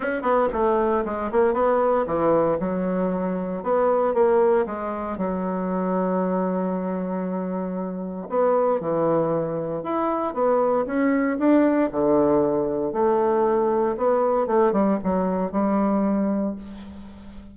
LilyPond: \new Staff \with { instrumentName = "bassoon" } { \time 4/4 \tempo 4 = 116 cis'8 b8 a4 gis8 ais8 b4 | e4 fis2 b4 | ais4 gis4 fis2~ | fis1 |
b4 e2 e'4 | b4 cis'4 d'4 d4~ | d4 a2 b4 | a8 g8 fis4 g2 | }